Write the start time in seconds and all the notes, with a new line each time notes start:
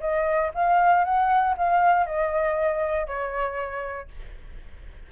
0.00 D#5
0.54 F5
1.04 F#5
1.57 F5
2.06 D#5
3.06 C#5